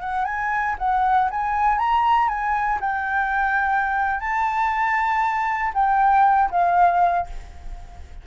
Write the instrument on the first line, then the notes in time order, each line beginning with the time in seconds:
flute
0.00 F#5
0.24 G#5
0.78 F#5
1.30 G#5
1.78 A#5
2.28 G#5
2.80 G5
4.20 A5
5.74 G5
6.50 F5